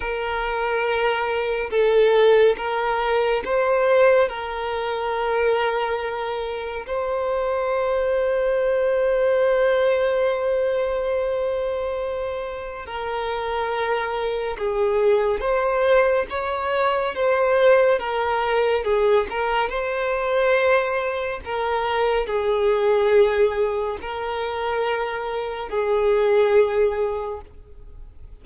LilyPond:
\new Staff \with { instrumentName = "violin" } { \time 4/4 \tempo 4 = 70 ais'2 a'4 ais'4 | c''4 ais'2. | c''1~ | c''2. ais'4~ |
ais'4 gis'4 c''4 cis''4 | c''4 ais'4 gis'8 ais'8 c''4~ | c''4 ais'4 gis'2 | ais'2 gis'2 | }